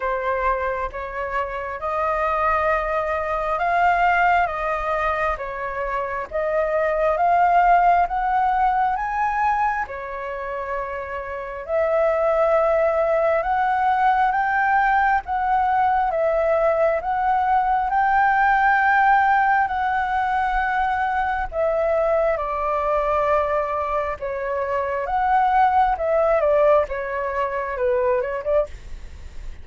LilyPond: \new Staff \with { instrumentName = "flute" } { \time 4/4 \tempo 4 = 67 c''4 cis''4 dis''2 | f''4 dis''4 cis''4 dis''4 | f''4 fis''4 gis''4 cis''4~ | cis''4 e''2 fis''4 |
g''4 fis''4 e''4 fis''4 | g''2 fis''2 | e''4 d''2 cis''4 | fis''4 e''8 d''8 cis''4 b'8 cis''16 d''16 | }